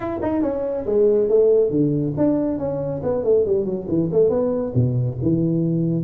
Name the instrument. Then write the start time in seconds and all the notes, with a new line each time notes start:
tuba
0.00 E4
0.22 D#4
0.42 C#4
0.85 G#3
1.28 A3
1.70 D3
2.17 D4
2.58 C#4
3.03 B3
3.24 A3
3.45 G3
3.65 F#3
3.88 E3
4.11 A3
4.29 B3
4.74 B2
5.22 E3